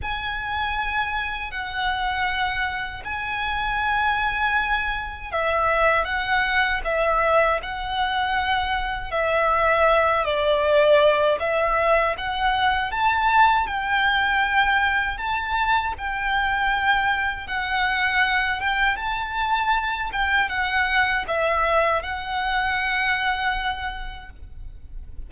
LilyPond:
\new Staff \with { instrumentName = "violin" } { \time 4/4 \tempo 4 = 79 gis''2 fis''2 | gis''2. e''4 | fis''4 e''4 fis''2 | e''4. d''4. e''4 |
fis''4 a''4 g''2 | a''4 g''2 fis''4~ | fis''8 g''8 a''4. g''8 fis''4 | e''4 fis''2. | }